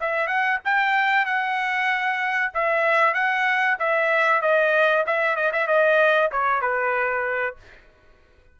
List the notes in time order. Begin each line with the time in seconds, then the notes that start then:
0.00 E5
0.27 F#5
0.64 G5
1.25 F#5
2.54 E5
3.13 F#5
3.79 E5
4.41 D#5
5.06 E5
5.36 D#5
5.52 E5
5.67 D#5
6.31 C#5
6.61 B4